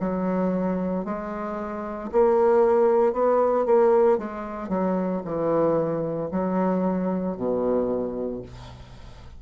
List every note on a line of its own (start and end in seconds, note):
0.00 1.05 F#3
1.05 2.10 G#3
2.12 3.13 A#3
3.13 3.66 B3
3.66 4.18 A#3
4.18 4.69 G#3
4.69 5.22 F#3
5.25 6.30 E3
6.31 7.36 F#3
7.37 8.42 B2